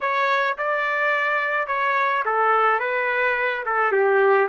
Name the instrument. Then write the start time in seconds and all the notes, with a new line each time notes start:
trumpet
0.01 C#5
0.57 D5
1.67 C#5
2.25 A4
2.79 B4
3.65 A4
3.92 G4